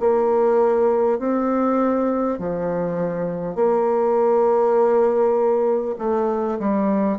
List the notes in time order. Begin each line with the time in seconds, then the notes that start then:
0.00 A#3
1.18 C4
2.39 F3
3.55 A#3
5.98 A3
6.59 G3